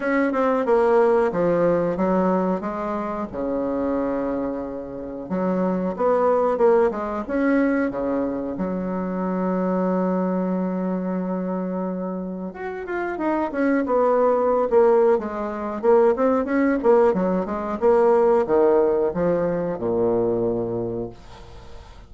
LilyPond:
\new Staff \with { instrumentName = "bassoon" } { \time 4/4 \tempo 4 = 91 cis'8 c'8 ais4 f4 fis4 | gis4 cis2. | fis4 b4 ais8 gis8 cis'4 | cis4 fis2.~ |
fis2. fis'8 f'8 | dis'8 cis'8 b4~ b16 ais8. gis4 | ais8 c'8 cis'8 ais8 fis8 gis8 ais4 | dis4 f4 ais,2 | }